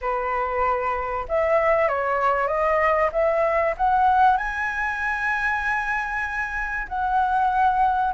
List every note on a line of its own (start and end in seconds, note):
0.01 1.26 B4
1.28 1.88 E5
1.88 2.47 C#5
2.47 3.09 D#5
3.12 3.74 E5
3.77 4.37 F#5
4.37 6.87 G#5
6.88 8.13 F#5